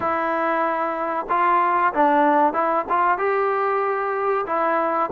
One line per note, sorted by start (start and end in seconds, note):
0.00 1.26 E4
1.29 1.93 F4
1.93 2.53 D4
2.53 2.85 E4
2.89 3.18 F4
3.18 4.45 G4
4.46 5.10 E4